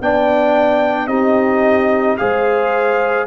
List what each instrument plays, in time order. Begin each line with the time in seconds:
0.00 tuba B3, trombone D4, horn D5, trumpet G5
1.07 tuba C4, trombone D#4, horn G4, trumpet D#5
2.17 tuba G#3, trombone G#4, horn C5, trumpet F5